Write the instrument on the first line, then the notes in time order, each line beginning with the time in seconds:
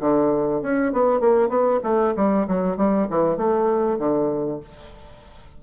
bassoon
0.00 D3
0.62 C#4
0.92 B3
1.20 A#3
1.49 B3
1.83 A3
2.16 G3
2.48 F#3
2.77 G3
3.10 E3
3.37 A3
3.98 D3